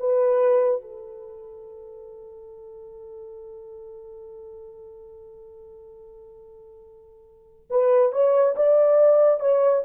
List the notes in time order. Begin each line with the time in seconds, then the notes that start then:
0.00 B4
0.81 A4
7.70 B4
8.13 C#5
8.56 D5
9.40 C#5